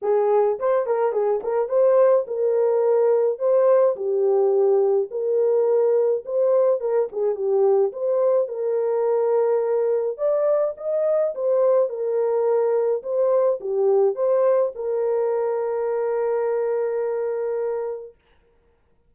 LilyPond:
\new Staff \with { instrumentName = "horn" } { \time 4/4 \tempo 4 = 106 gis'4 c''8 ais'8 gis'8 ais'8 c''4 | ais'2 c''4 g'4~ | g'4 ais'2 c''4 | ais'8 gis'8 g'4 c''4 ais'4~ |
ais'2 d''4 dis''4 | c''4 ais'2 c''4 | g'4 c''4 ais'2~ | ais'1 | }